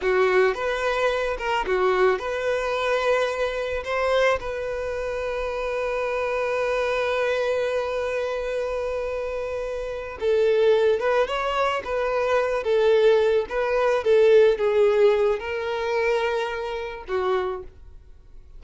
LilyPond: \new Staff \with { instrumentName = "violin" } { \time 4/4 \tempo 4 = 109 fis'4 b'4. ais'8 fis'4 | b'2. c''4 | b'1~ | b'1~ |
b'2~ b'8 a'4. | b'8 cis''4 b'4. a'4~ | a'8 b'4 a'4 gis'4. | ais'2. fis'4 | }